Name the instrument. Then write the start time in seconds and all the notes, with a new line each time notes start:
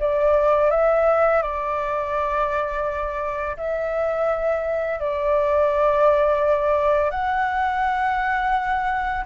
flute
0.00 D5
0.71 E5
1.42 D5
3.57 E5
5.00 D5
7.11 F#5